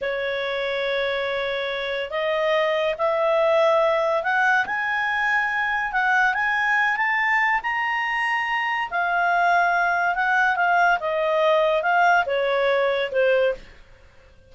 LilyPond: \new Staff \with { instrumentName = "clarinet" } { \time 4/4 \tempo 4 = 142 cis''1~ | cis''4 dis''2 e''4~ | e''2 fis''4 gis''4~ | gis''2 fis''4 gis''4~ |
gis''8 a''4. ais''2~ | ais''4 f''2. | fis''4 f''4 dis''2 | f''4 cis''2 c''4 | }